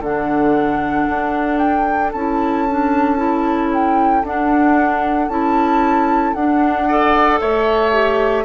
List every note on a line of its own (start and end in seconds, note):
0.00 1.05 D3
0.00 2.15 D4
0.00 6.84 A4
0.00 1.58 F#5
1.09 2.13 D4
1.58 2.11 G5
2.12 4.24 C#4
2.12 2.69 E4
2.12 3.70 A5
2.69 3.17 D4
3.17 4.22 E4
3.73 4.26 G5
4.24 5.28 D4
4.24 5.30 D4
4.24 5.29 F#5
5.28 6.34 C#4
5.28 6.35 E4
5.28 6.34 A5
6.34 7.40 D4
6.34 6.89 D4
6.34 7.39 F#5
6.88 7.93 A4
6.88 7.41 D5
7.41 8.45 A3
7.41 8.45 C#5
7.41 8.45 E5
7.93 8.45 G4